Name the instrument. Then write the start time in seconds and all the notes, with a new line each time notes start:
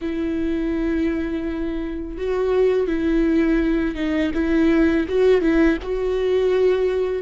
viola
0.01 E4
2.17 F#4
2.87 E4
3.95 D#4
4.34 E4
5.08 F#4
5.41 E4
5.82 F#4